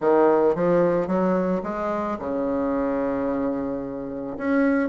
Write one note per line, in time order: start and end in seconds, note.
0.00 0.55 D#3
0.55 1.07 F3
1.07 1.61 F#3
1.63 2.17 G#3
2.19 4.37 C#3
4.37 4.89 C#4